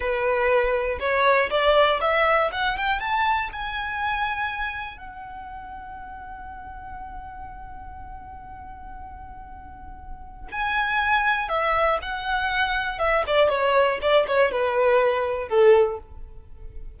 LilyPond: \new Staff \with { instrumentName = "violin" } { \time 4/4 \tempo 4 = 120 b'2 cis''4 d''4 | e''4 fis''8 g''8 a''4 gis''4~ | gis''2 fis''2~ | fis''1~ |
fis''1~ | fis''4 gis''2 e''4 | fis''2 e''8 d''8 cis''4 | d''8 cis''8 b'2 a'4 | }